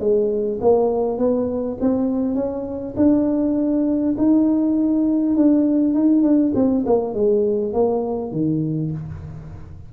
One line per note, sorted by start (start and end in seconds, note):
0.00 0.59 G#3
0.61 1.19 A#3
1.19 1.78 B3
1.81 2.35 C4
2.35 2.95 C#4
2.97 4.16 D4
4.18 5.36 D#4
5.36 5.95 D4
5.95 6.23 D#4
6.23 6.53 D4
6.55 6.85 C4
6.86 7.15 A#3
7.15 7.74 G#3
7.74 8.32 A#3
8.32 8.92 D#3